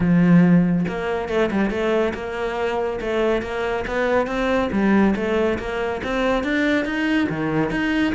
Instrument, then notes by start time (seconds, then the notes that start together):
cello
0.00 F3
0.87 A#3
1.28 A3
1.51 G3
1.70 A3
2.14 A#3
3.00 A3
3.42 A#3
3.87 B3
4.26 C4
4.72 G3
5.15 A3
5.58 A#3
6.03 C4
6.43 D4
6.85 D#4
7.29 D#3
7.70 D#4